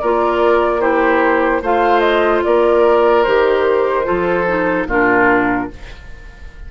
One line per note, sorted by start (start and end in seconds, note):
0.00 1.62 A#3
0.00 0.80 F4
0.00 0.81 A#4
0.00 0.81 D5
0.80 1.61 E4
0.80 1.62 G4
0.80 1.62 C5
1.62 2.43 A3
1.62 3.26 F4
1.62 2.43 C5
1.62 2.00 F5
2.00 2.40 D#5
2.43 3.26 A#3
2.43 4.06 A#4
2.43 3.23 D5
3.23 4.07 D#3
3.23 4.04 G4
3.23 4.85 C5
4.04 4.86 F3
4.04 4.44 F4
4.04 4.87 A4
4.47 4.88 D#4
4.86 5.67 A#2
4.86 5.70 D4
4.86 5.69 F4
4.86 5.71 A#4